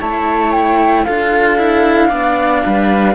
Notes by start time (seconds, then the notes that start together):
0.00 A3 E4 C#5 A5
0.52 G5
1.04 D4 F4 A4 F5
1.57 E4
2.09 B3 D4 D5
2.66 G3 B4